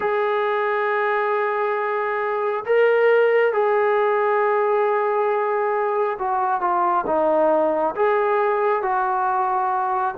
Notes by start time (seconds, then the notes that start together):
0.00 G#4
2.65 A#4
3.53 G#4
6.18 F#4
6.61 F4
7.06 D#4
7.95 G#4
8.82 F#4